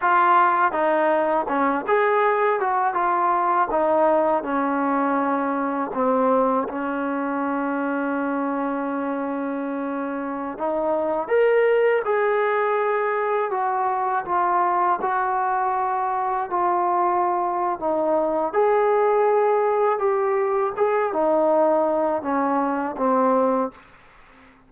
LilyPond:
\new Staff \with { instrumentName = "trombone" } { \time 4/4 \tempo 4 = 81 f'4 dis'4 cis'8 gis'4 fis'8 | f'4 dis'4 cis'2 | c'4 cis'2.~ | cis'2~ cis'16 dis'4 ais'8.~ |
ais'16 gis'2 fis'4 f'8.~ | f'16 fis'2 f'4.~ f'16 | dis'4 gis'2 g'4 | gis'8 dis'4. cis'4 c'4 | }